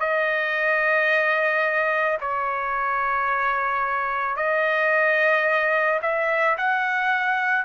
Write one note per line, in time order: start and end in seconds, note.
0.00 2.18 D#5
2.21 4.36 C#5
4.36 6.00 D#5
6.02 6.57 E5
6.58 7.65 F#5